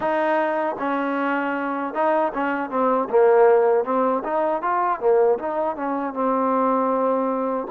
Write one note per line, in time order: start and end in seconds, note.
0.00 0.76 D#4
0.78 1.93 C#4
1.93 2.32 D#4
2.33 2.70 C#4
2.70 3.08 C4
3.09 3.84 A#3
3.84 4.22 C4
4.23 4.62 D#4
4.62 5.00 F4
5.00 5.38 A#3
5.38 5.76 D#4
5.76 6.13 C#4
6.13 7.67 C4